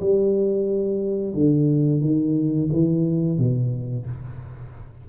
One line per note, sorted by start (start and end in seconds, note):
0.00 1.34 G3
1.34 2.01 D3
2.01 2.69 D#3
2.72 3.38 E3
3.38 4.06 B2